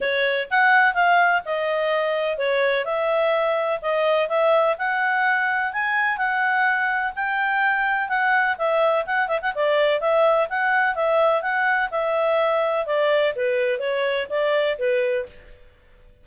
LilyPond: \new Staff \with { instrumentName = "clarinet" } { \time 4/4 \tempo 4 = 126 cis''4 fis''4 f''4 dis''4~ | dis''4 cis''4 e''2 | dis''4 e''4 fis''2 | gis''4 fis''2 g''4~ |
g''4 fis''4 e''4 fis''8 e''16 fis''16 | d''4 e''4 fis''4 e''4 | fis''4 e''2 d''4 | b'4 cis''4 d''4 b'4 | }